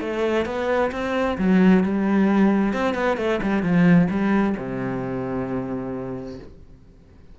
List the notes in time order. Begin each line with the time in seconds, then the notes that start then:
0.00 A3
0.45 B3
0.91 C4
1.38 F#3
1.83 G3
2.73 C4
2.94 B3
3.17 A3
3.42 G3
3.62 F3
4.10 G3
4.57 C3